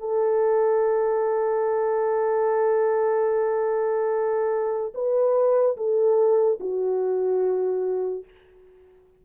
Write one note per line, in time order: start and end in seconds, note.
0.00 4.93 A4
4.95 5.77 B4
5.77 6.59 A4
6.61 8.25 F#4